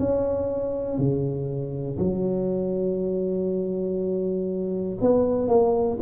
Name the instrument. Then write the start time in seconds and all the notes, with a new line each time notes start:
tuba
0.00 C#4
0.99 C#3
1.99 F#3
5.01 B3
5.48 A#3